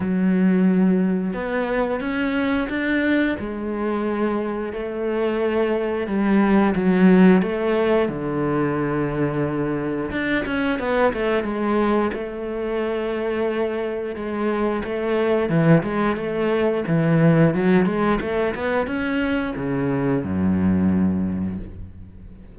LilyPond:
\new Staff \with { instrumentName = "cello" } { \time 4/4 \tempo 4 = 89 fis2 b4 cis'4 | d'4 gis2 a4~ | a4 g4 fis4 a4 | d2. d'8 cis'8 |
b8 a8 gis4 a2~ | a4 gis4 a4 e8 gis8 | a4 e4 fis8 gis8 a8 b8 | cis'4 cis4 fis,2 | }